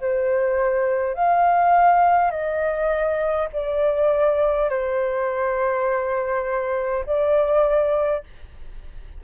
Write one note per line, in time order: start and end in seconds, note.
0.00 1.14 C5
1.14 2.30 F5
2.30 3.48 D#5
3.52 4.70 D5
4.70 7.05 C5
7.06 8.24 D5